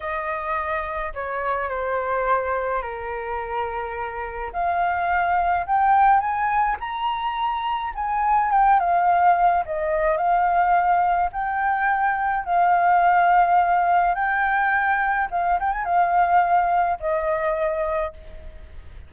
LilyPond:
\new Staff \with { instrumentName = "flute" } { \time 4/4 \tempo 4 = 106 dis''2 cis''4 c''4~ | c''4 ais'2. | f''2 g''4 gis''4 | ais''2 gis''4 g''8 f''8~ |
f''4 dis''4 f''2 | g''2 f''2~ | f''4 g''2 f''8 g''16 gis''16 | f''2 dis''2 | }